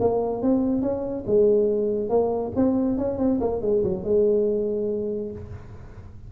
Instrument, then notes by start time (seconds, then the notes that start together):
tuba
0.00 A#3
0.42 C4
0.81 C#4
1.26 G#3
2.09 A#3
2.55 C4
2.98 C#4
3.18 C4
3.40 A#3
3.61 G#3
3.83 F#3
4.04 G#3